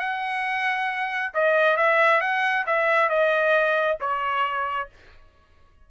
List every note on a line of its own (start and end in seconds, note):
0.00 1.33 F#5
1.34 1.77 D#5
1.77 2.21 E5
2.21 2.65 F#5
2.67 3.09 E5
3.09 3.98 D#5
4.01 4.90 C#5